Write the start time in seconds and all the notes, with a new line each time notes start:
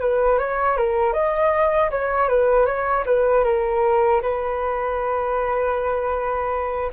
0.00 B4
0.38 C#5
0.77 A#4
1.13 D#5
1.90 C#5
2.28 B4
2.66 C#5
3.06 B4
3.44 A#4
4.22 B4